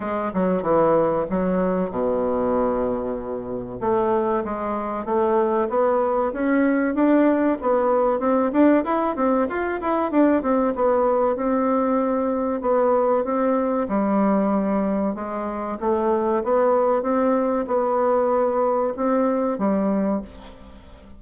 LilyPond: \new Staff \with { instrumentName = "bassoon" } { \time 4/4 \tempo 4 = 95 gis8 fis8 e4 fis4 b,4~ | b,2 a4 gis4 | a4 b4 cis'4 d'4 | b4 c'8 d'8 e'8 c'8 f'8 e'8 |
d'8 c'8 b4 c'2 | b4 c'4 g2 | gis4 a4 b4 c'4 | b2 c'4 g4 | }